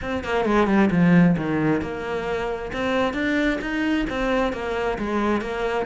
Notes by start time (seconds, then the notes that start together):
0.01 C4
0.24 A#3
0.45 G#3
0.67 G3
0.90 F3
1.37 D#3
1.81 A#3
2.72 C4
3.13 D4
3.61 D#4
4.09 C4
4.52 A#3
4.98 G#3
5.41 A#3